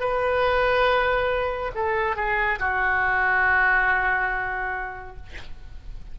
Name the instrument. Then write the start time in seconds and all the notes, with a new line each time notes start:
oboe
0.00 B4
1.75 A4
2.16 G#4
2.59 F#4